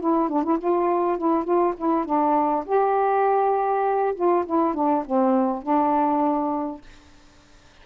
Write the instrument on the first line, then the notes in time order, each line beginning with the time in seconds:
saxophone
0.00 E4
0.29 D4
0.43 E4
0.58 F4
1.18 E4
1.44 F4
1.77 E4
2.05 D4
2.66 G4
4.15 F4
4.45 E4
4.74 D4
5.05 C4
5.62 D4